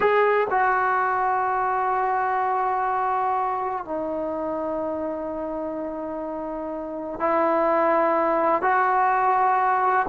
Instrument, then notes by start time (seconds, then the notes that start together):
trombone
0.00 G#4
0.50 F#4
3.85 D#4
7.19 E4
8.61 F#4